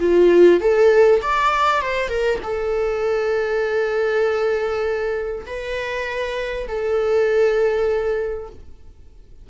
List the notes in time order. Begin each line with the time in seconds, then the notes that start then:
0.00 F4
0.61 A4
1.22 D5
1.82 C5
2.09 A#4
2.43 A4
5.46 B4
6.68 A4